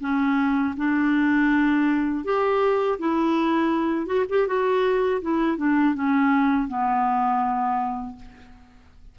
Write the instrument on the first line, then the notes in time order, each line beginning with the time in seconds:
clarinet
0.00 C#4
0.76 D4
2.24 G4
2.99 E4
4.06 F#4
4.29 G4
4.47 F#4
5.21 E4
5.57 D4
5.94 C#4
6.68 B3